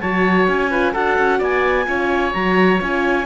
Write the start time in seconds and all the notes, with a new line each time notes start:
0.00 F#3 F#4 C#5 A5
0.48 C#4 G#5
0.71 F4 B4
0.92 D4 F#4 A4 F#5
1.18 C#4
1.38 B3 D5 G#5
1.85 C#4 F4 C#5
2.32 F#3 F#4 A#5
2.80 C#4 F4 G#5